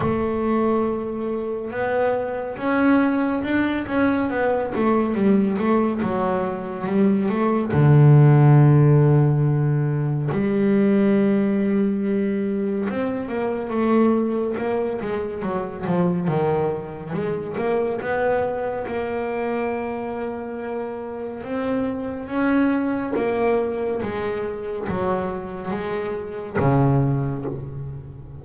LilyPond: \new Staff \with { instrumentName = "double bass" } { \time 4/4 \tempo 4 = 70 a2 b4 cis'4 | d'8 cis'8 b8 a8 g8 a8 fis4 | g8 a8 d2. | g2. c'8 ais8 |
a4 ais8 gis8 fis8 f8 dis4 | gis8 ais8 b4 ais2~ | ais4 c'4 cis'4 ais4 | gis4 fis4 gis4 cis4 | }